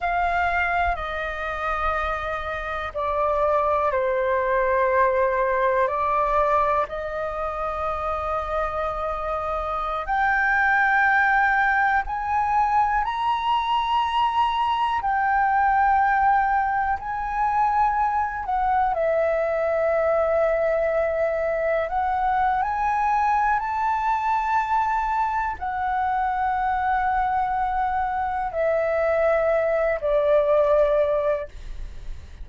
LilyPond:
\new Staff \with { instrumentName = "flute" } { \time 4/4 \tempo 4 = 61 f''4 dis''2 d''4 | c''2 d''4 dis''4~ | dis''2~ dis''16 g''4.~ g''16~ | g''16 gis''4 ais''2 g''8.~ |
g''4~ g''16 gis''4. fis''8 e''8.~ | e''2~ e''16 fis''8. gis''4 | a''2 fis''2~ | fis''4 e''4. d''4. | }